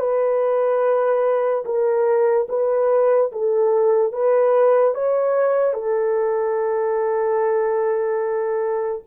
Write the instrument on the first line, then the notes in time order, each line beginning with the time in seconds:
horn
0.00 B4
1.66 A#4
2.50 B4
3.32 A4
4.13 B4
4.95 C#5
5.74 A4